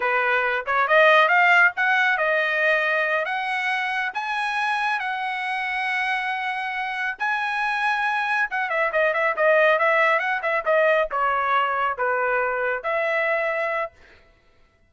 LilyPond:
\new Staff \with { instrumentName = "trumpet" } { \time 4/4 \tempo 4 = 138 b'4. cis''8 dis''4 f''4 | fis''4 dis''2~ dis''8 fis''8~ | fis''4. gis''2 fis''8~ | fis''1~ |
fis''8 gis''2. fis''8 | e''8 dis''8 e''8 dis''4 e''4 fis''8 | e''8 dis''4 cis''2 b'8~ | b'4. e''2~ e''8 | }